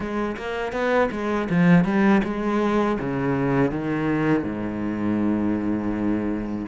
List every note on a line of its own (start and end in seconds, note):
0.00 0.36 G#3
0.37 0.72 A#3
0.72 1.09 B3
1.11 1.48 G#3
1.49 1.84 F3
1.84 2.21 G3
2.24 2.98 G#3
3.00 3.71 C#3
3.71 4.43 D#3
4.43 6.66 G#2